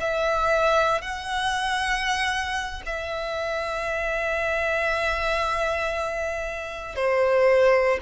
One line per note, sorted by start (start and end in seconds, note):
0.00 1.01 E5
1.01 2.82 F#5
2.86 6.95 E5
6.95 7.99 C5